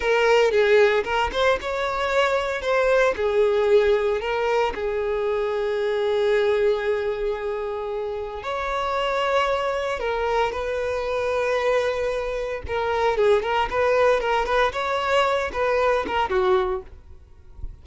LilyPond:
\new Staff \with { instrumentName = "violin" } { \time 4/4 \tempo 4 = 114 ais'4 gis'4 ais'8 c''8 cis''4~ | cis''4 c''4 gis'2 | ais'4 gis'2.~ | gis'1 |
cis''2. ais'4 | b'1 | ais'4 gis'8 ais'8 b'4 ais'8 b'8 | cis''4. b'4 ais'8 fis'4 | }